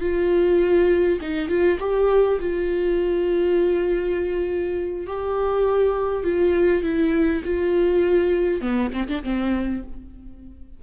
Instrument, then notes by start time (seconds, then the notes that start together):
viola
0.00 F4
1.21 D#4
1.48 F4
1.79 G4
2.39 F4
5.07 G4
6.23 F4
6.83 E4
7.44 F4
8.61 B3
8.92 C4
9.08 D4
9.23 C4